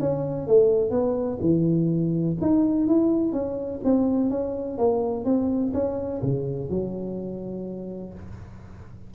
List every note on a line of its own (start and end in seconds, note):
0.00 0.47 C#4
0.47 0.90 A3
0.90 1.38 B3
1.41 2.37 E3
2.41 2.87 D#4
2.87 3.32 E4
3.32 3.80 C#4
3.84 4.30 C4
4.30 4.78 C#4
4.78 5.25 A#3
5.25 5.73 C4
5.73 6.21 C#4
6.22 6.69 C#3
6.69 8.13 F#3